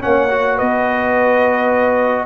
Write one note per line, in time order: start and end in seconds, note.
0.00 0.61 A#3
0.00 0.28 C#4
0.00 0.56 C#5
0.00 0.58 F#5
0.30 2.26 F#4
0.56 2.26 B3
0.56 2.26 B4
0.56 2.26 D#5